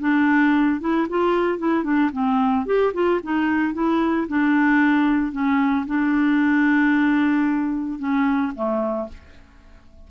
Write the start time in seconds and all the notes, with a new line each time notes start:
0.00 D4
0.81 E4
1.09 F4
1.58 E4
1.84 D4
2.12 C4
2.66 G4
2.94 F4
3.23 D#4
3.74 E4
4.28 D4
5.32 C#4
5.86 D4
7.99 C#4
8.55 A3